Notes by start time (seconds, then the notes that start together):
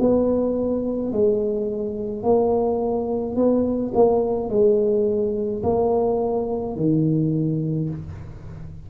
0.00 B3
1.12 G#3
2.23 A#3
3.36 B3
3.94 A#3
4.49 G#3
5.63 A#3
6.76 D#3